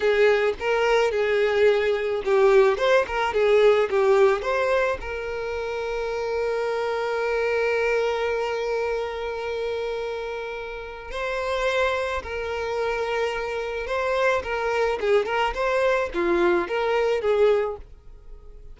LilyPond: \new Staff \with { instrumentName = "violin" } { \time 4/4 \tempo 4 = 108 gis'4 ais'4 gis'2 | g'4 c''8 ais'8 gis'4 g'4 | c''4 ais'2.~ | ais'1~ |
ais'1 | c''2 ais'2~ | ais'4 c''4 ais'4 gis'8 ais'8 | c''4 f'4 ais'4 gis'4 | }